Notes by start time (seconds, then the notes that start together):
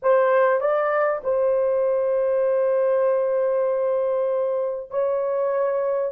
0.02 C5
0.60 D5
1.23 C5
4.90 C#5